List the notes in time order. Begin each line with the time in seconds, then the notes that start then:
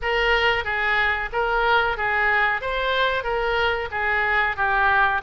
0.01 A#4
0.64 G#4
1.32 A#4
1.97 G#4
2.61 C5
3.23 A#4
3.91 G#4
4.56 G4